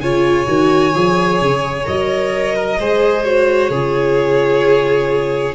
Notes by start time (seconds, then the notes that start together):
0.00 C#3 F4 C#5 G#5
0.46 D#3 F#4
0.93 F3 G#4
1.41 C#3
1.84 F#3 A#4 D#5
2.56 A#4
2.78 G#3 G#4 C5
3.24 F#4 C#5
3.69 C#3 F4 G#4